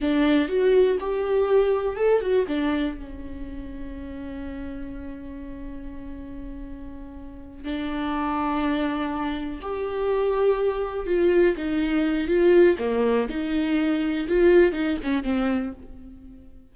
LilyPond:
\new Staff \with { instrumentName = "viola" } { \time 4/4 \tempo 4 = 122 d'4 fis'4 g'2 | a'8 fis'8 d'4 cis'2~ | cis'1~ | cis'2.~ cis'8 d'8~ |
d'2.~ d'8 g'8~ | g'2~ g'8 f'4 dis'8~ | dis'4 f'4 ais4 dis'4~ | dis'4 f'4 dis'8 cis'8 c'4 | }